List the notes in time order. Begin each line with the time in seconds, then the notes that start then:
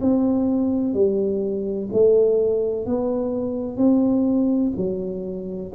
0.00 C4
0.94 G3
1.92 A3
2.85 B3
3.77 C4
4.76 F#3